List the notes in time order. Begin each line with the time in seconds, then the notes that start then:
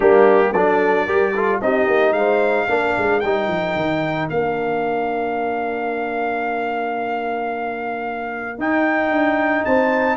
0.00 G3 A#3 D4 G4
0.52 F#3 D4 A4 D5
1.05 G3 G4 A#4
1.34 F4 A4
1.61 C4 D#4 G4 D#5
1.87 A#3
2.12 G#3 C5 F5
2.67 A#3 D4 A#4
2.97 G#3
3.20 G3 D#4 G5
3.47 F3
3.75 D#3
4.29 A#3 D4 F5
8.58 D#4 G5
9.10 D4
9.65 C4 C5 A5